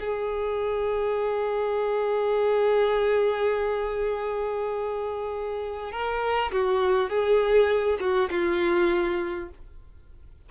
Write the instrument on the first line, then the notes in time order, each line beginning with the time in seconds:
violin
0.00 G#4
5.92 A#4
6.52 F#4
7.10 G#4
8.00 F#4
8.30 F4